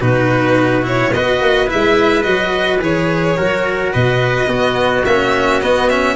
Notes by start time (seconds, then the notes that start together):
0.00 B2 D#4 F#4 B4
0.83 E4 C#5
1.13 B3 F#4 B4 D#5
1.41 A#3
1.67 E4 E5
1.74 G#3
2.23 F#3 F#4 D#5
2.81 E3 G#4 C#5
3.37 F#3 F#4 A#4
3.93 B2 B4 D#5
4.47 B3 F#4
5.05 A#3 C#4 E5
5.62 B3 D#5
5.89 C#4 E5